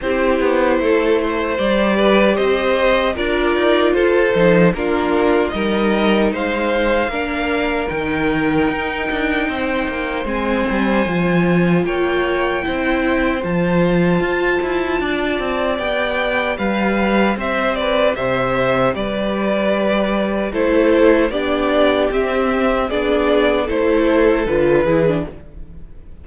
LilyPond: <<
  \new Staff \with { instrumentName = "violin" } { \time 4/4 \tempo 4 = 76 c''2 d''4 dis''4 | d''4 c''4 ais'4 dis''4 | f''2 g''2~ | g''4 gis''2 g''4~ |
g''4 a''2. | g''4 f''4 e''8 d''8 e''4 | d''2 c''4 d''4 | e''4 d''4 c''4 b'4 | }
  \new Staff \with { instrumentName = "violin" } { \time 4/4 g'4 a'8 c''4 b'8 c''4 | ais'4 a'4 f'4 ais'4 | c''4 ais'2. | c''2. cis''4 |
c''2. d''4~ | d''4 b'4 c''8 b'8 c''4 | b'2 a'4 g'4~ | g'4 gis'4 a'4. gis'8 | }
  \new Staff \with { instrumentName = "viola" } { \time 4/4 e'2 g'2 | f'4. dis'8 d'4 dis'4~ | dis'4 d'4 dis'2~ | dis'4 c'4 f'2 |
e'4 f'2. | g'1~ | g'2 e'4 d'4 | c'4 d'4 e'4 f'8 e'16 d'16 | }
  \new Staff \with { instrumentName = "cello" } { \time 4/4 c'8 b8 a4 g4 c'4 | d'8 dis'8 f'8 f8 ais4 g4 | gis4 ais4 dis4 dis'8 d'8 | c'8 ais8 gis8 g8 f4 ais4 |
c'4 f4 f'8 e'8 d'8 c'8 | b4 g4 c'4 c4 | g2 a4 b4 | c'4 b4 a4 d8 e8 | }
>>